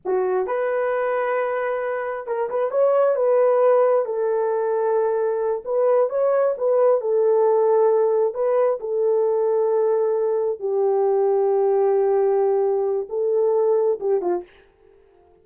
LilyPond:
\new Staff \with { instrumentName = "horn" } { \time 4/4 \tempo 4 = 133 fis'4 b'2.~ | b'4 ais'8 b'8 cis''4 b'4~ | b'4 a'2.~ | a'8 b'4 cis''4 b'4 a'8~ |
a'2~ a'8 b'4 a'8~ | a'2.~ a'8 g'8~ | g'1~ | g'4 a'2 g'8 f'8 | }